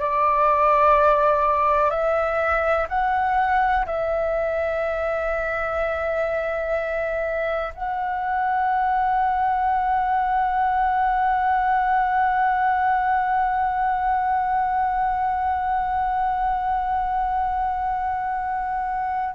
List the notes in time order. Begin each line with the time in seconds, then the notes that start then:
0.00 D5
1.90 E5
2.89 F#5
3.86 E5
7.74 F#5